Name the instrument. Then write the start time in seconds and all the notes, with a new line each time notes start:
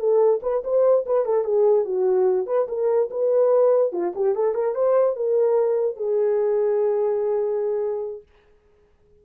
horn
0.00 A4
0.43 B4
0.65 C5
1.06 B4
1.26 A4
1.45 G#4
1.85 F#4
2.47 B4
2.69 A#4
3.11 B4
3.93 F4
4.16 G4
4.36 A4
4.55 A#4
4.75 C5
5.16 A#4
5.97 G#4